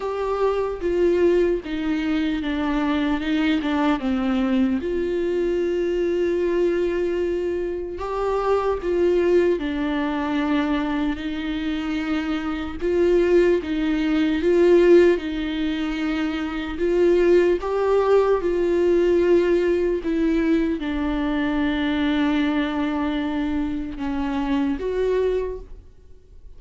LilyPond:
\new Staff \with { instrumentName = "viola" } { \time 4/4 \tempo 4 = 75 g'4 f'4 dis'4 d'4 | dis'8 d'8 c'4 f'2~ | f'2 g'4 f'4 | d'2 dis'2 |
f'4 dis'4 f'4 dis'4~ | dis'4 f'4 g'4 f'4~ | f'4 e'4 d'2~ | d'2 cis'4 fis'4 | }